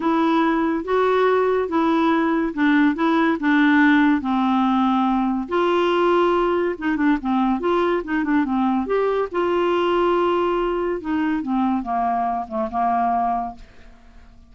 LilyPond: \new Staff \with { instrumentName = "clarinet" } { \time 4/4 \tempo 4 = 142 e'2 fis'2 | e'2 d'4 e'4 | d'2 c'2~ | c'4 f'2. |
dis'8 d'8 c'4 f'4 dis'8 d'8 | c'4 g'4 f'2~ | f'2 dis'4 c'4 | ais4. a8 ais2 | }